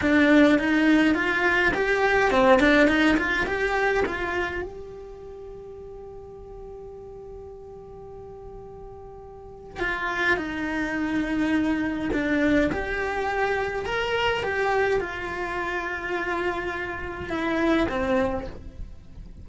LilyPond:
\new Staff \with { instrumentName = "cello" } { \time 4/4 \tempo 4 = 104 d'4 dis'4 f'4 g'4 | c'8 d'8 dis'8 f'8 g'4 f'4 | g'1~ | g'1~ |
g'4 f'4 dis'2~ | dis'4 d'4 g'2 | ais'4 g'4 f'2~ | f'2 e'4 c'4 | }